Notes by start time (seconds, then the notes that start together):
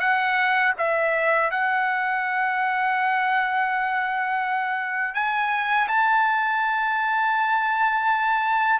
0.00 F#5
0.78 E5
1.51 F#5
5.14 G#5
5.88 A5